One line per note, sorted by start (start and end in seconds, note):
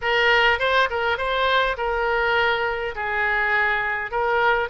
0.01 0.59 A#4
0.59 0.88 C5
0.90 1.17 A#4
1.17 1.76 C5
1.77 2.94 A#4
2.95 4.11 G#4
4.11 4.69 A#4